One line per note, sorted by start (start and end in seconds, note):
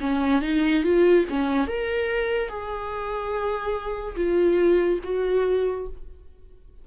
0.00 0.42 C#4
0.42 0.83 D#4
0.83 1.25 F4
1.29 1.67 C#4
1.67 2.49 A#4
2.49 4.16 G#4
4.16 4.99 F4
5.04 5.87 F#4